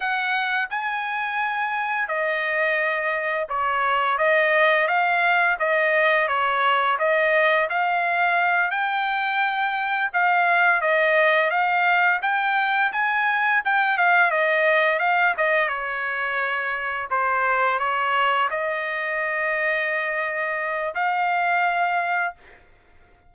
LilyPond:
\new Staff \with { instrumentName = "trumpet" } { \time 4/4 \tempo 4 = 86 fis''4 gis''2 dis''4~ | dis''4 cis''4 dis''4 f''4 | dis''4 cis''4 dis''4 f''4~ | f''8 g''2 f''4 dis''8~ |
dis''8 f''4 g''4 gis''4 g''8 | f''8 dis''4 f''8 dis''8 cis''4.~ | cis''8 c''4 cis''4 dis''4.~ | dis''2 f''2 | }